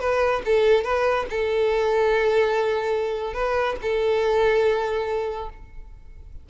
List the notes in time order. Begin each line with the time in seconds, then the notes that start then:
0.00 B4
0.45 A4
0.84 B4
1.30 A4
3.34 B4
3.82 A4